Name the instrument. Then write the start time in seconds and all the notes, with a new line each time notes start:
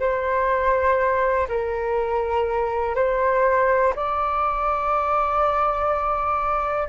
flute
0.00 C5
1.48 A#4
2.95 C5
3.95 D5